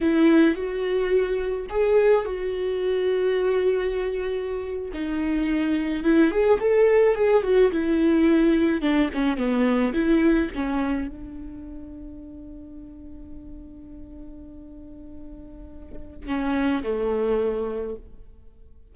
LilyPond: \new Staff \with { instrumentName = "viola" } { \time 4/4 \tempo 4 = 107 e'4 fis'2 gis'4 | fis'1~ | fis'8. dis'2 e'8 gis'8 a'16~ | a'8. gis'8 fis'8 e'2 d'16~ |
d'16 cis'8 b4 e'4 cis'4 d'16~ | d'1~ | d'1~ | d'4 cis'4 a2 | }